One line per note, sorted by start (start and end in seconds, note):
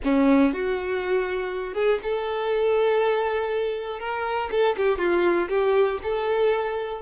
0.03 0.53 C#4
0.53 1.74 F#4
1.74 1.99 G#4
2.02 3.99 A4
3.99 4.49 A#4
4.51 4.76 A4
4.76 4.98 G4
4.98 5.48 F4
5.49 5.99 G4
6.02 7.01 A4